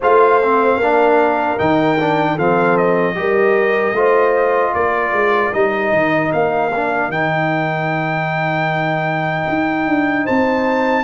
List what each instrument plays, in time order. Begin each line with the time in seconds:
0.00 tuba A3, trombone F4, horn C5, trumpet F5
0.42 trombone C4
0.76 tuba A#3, trombone D4, horn A#4
1.58 tuba D#3, trombone D#4, trumpet G5
2.00 trombone D4
2.34 tuba F3, trombone C4, horn A4, trumpet F5
2.77 trumpet D#5
3.15 tuba G3, trombone G4, horn A#4
3.92 tuba A3, trombone F4, horn C5
4.72 tuba A#3, horn A#4, trumpet D5
5.12 tuba G#3
5.52 tuba G3, trombone D#4, trumpet D#5
5.92 tuba D#3
6.32 tuba A#3, trumpet F5
6.75 trombone D4
7.09 tuba D#3, trombone D#4, trumpet G5
9.48 tuba D#4
9.86 tuba D4
10.24 tuba C4, horn C5, trumpet A5